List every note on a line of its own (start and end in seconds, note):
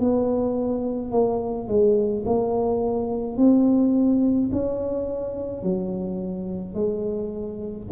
0.00 1.11 B3
1.11 1.67 A#3
1.67 2.24 G#3
2.25 3.37 A#3
3.37 4.50 C4
4.52 5.63 C#4
5.63 6.74 F#3
6.74 7.87 G#3